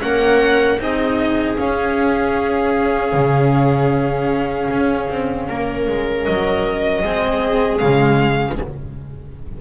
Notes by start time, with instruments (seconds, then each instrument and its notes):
0.00 double bass A#3, cello C#4, viola A#4, violin F#5
0.79 double bass C4, cello D#4, viola G#4, violin D#5
1.57 cello C#4, double bass C#4, violin F5
3.13 double bass C#3
4.70 double bass C#4
5.09 double bass C4
5.49 double bass A#3, viola A#4
5.88 double bass G#3
6.25 double bass F#3, violin D#5
7.03 double bass G#3, cello C4, viola G#4
7.78 double bass C#3, cello G#3, violin F5